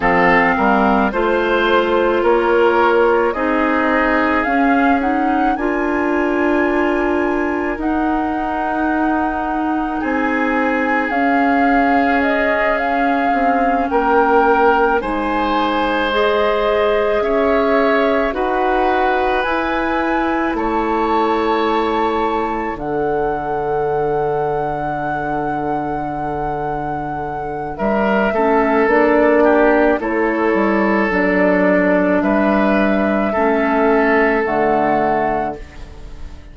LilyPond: <<
  \new Staff \with { instrumentName = "flute" } { \time 4/4 \tempo 4 = 54 f''4 c''4 cis''4 dis''4 | f''8 fis''8 gis''2 fis''4~ | fis''4 gis''4 f''4 dis''8 f''8~ | f''8 g''4 gis''4 dis''4 e''8~ |
e''8 fis''4 gis''4 a''4.~ | a''8 fis''2.~ fis''8~ | fis''4 e''4 d''4 cis''4 | d''4 e''2 fis''4 | }
  \new Staff \with { instrumentName = "oboe" } { \time 4/4 a'8 ais'8 c''4 ais'4 gis'4~ | gis'4 ais'2.~ | ais'4 gis'2.~ | gis'8 ais'4 c''2 cis''8~ |
cis''8 b'2 cis''4.~ | cis''8 a'2.~ a'8~ | a'4 ais'8 a'4 g'8 a'4~ | a'4 b'4 a'2 | }
  \new Staff \with { instrumentName = "clarinet" } { \time 4/4 c'4 f'2 dis'4 | cis'8 dis'8 f'2 dis'4~ | dis'2 cis'2~ | cis'4. dis'4 gis'4.~ |
gis'8 fis'4 e'2~ e'8~ | e'8 d'2.~ d'8~ | d'4. cis'8 d'4 e'4 | d'2 cis'4 a4 | }
  \new Staff \with { instrumentName = "bassoon" } { \time 4/4 f8 g8 a4 ais4 c'4 | cis'4 d'2 dis'4~ | dis'4 c'4 cis'2 | c'8 ais4 gis2 cis'8~ |
cis'8 dis'4 e'4 a4.~ | a8 d2.~ d8~ | d4 g8 a8 ais4 a8 g8 | fis4 g4 a4 d4 | }
>>